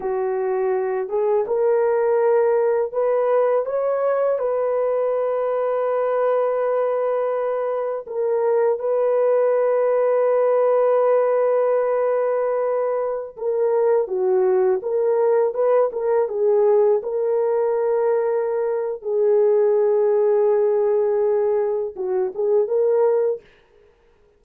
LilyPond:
\new Staff \with { instrumentName = "horn" } { \time 4/4 \tempo 4 = 82 fis'4. gis'8 ais'2 | b'4 cis''4 b'2~ | b'2. ais'4 | b'1~ |
b'2~ b'16 ais'4 fis'8.~ | fis'16 ais'4 b'8 ais'8 gis'4 ais'8.~ | ais'2 gis'2~ | gis'2 fis'8 gis'8 ais'4 | }